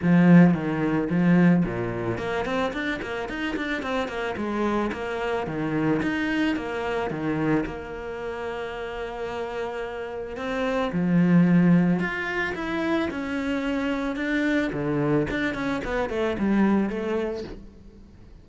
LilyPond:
\new Staff \with { instrumentName = "cello" } { \time 4/4 \tempo 4 = 110 f4 dis4 f4 ais,4 | ais8 c'8 d'8 ais8 dis'8 d'8 c'8 ais8 | gis4 ais4 dis4 dis'4 | ais4 dis4 ais2~ |
ais2. c'4 | f2 f'4 e'4 | cis'2 d'4 d4 | d'8 cis'8 b8 a8 g4 a4 | }